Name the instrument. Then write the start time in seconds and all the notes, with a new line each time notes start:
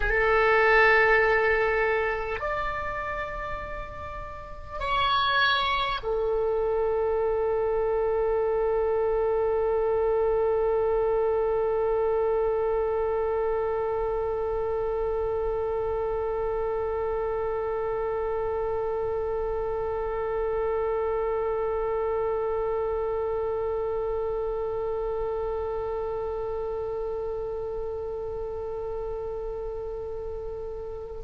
oboe
0.00 A4
2.39 D5
4.79 C#5
6.02 A4